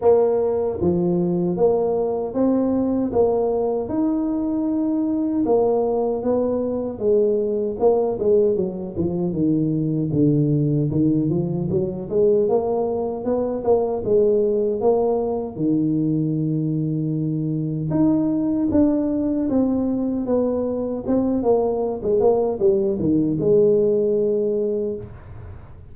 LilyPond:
\new Staff \with { instrumentName = "tuba" } { \time 4/4 \tempo 4 = 77 ais4 f4 ais4 c'4 | ais4 dis'2 ais4 | b4 gis4 ais8 gis8 fis8 f8 | dis4 d4 dis8 f8 fis8 gis8 |
ais4 b8 ais8 gis4 ais4 | dis2. dis'4 | d'4 c'4 b4 c'8 ais8~ | ais16 gis16 ais8 g8 dis8 gis2 | }